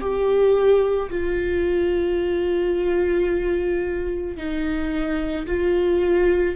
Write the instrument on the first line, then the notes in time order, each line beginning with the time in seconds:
viola
0.00 G4
1.10 F4
4.36 D#4
5.46 F4